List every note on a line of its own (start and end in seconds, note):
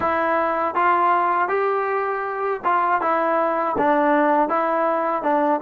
0.00 0.74 E4
0.74 1.48 F4
1.48 2.60 G4
2.64 3.01 F4
3.01 3.76 E4
3.77 4.48 D4
4.48 5.23 E4
5.23 5.60 D4